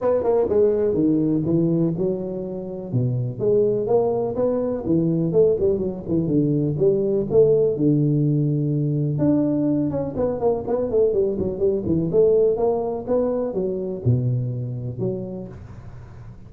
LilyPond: \new Staff \with { instrumentName = "tuba" } { \time 4/4 \tempo 4 = 124 b8 ais8 gis4 dis4 e4 | fis2 b,4 gis4 | ais4 b4 e4 a8 g8 | fis8 e8 d4 g4 a4 |
d2. d'4~ | d'8 cis'8 b8 ais8 b8 a8 g8 fis8 | g8 e8 a4 ais4 b4 | fis4 b,2 fis4 | }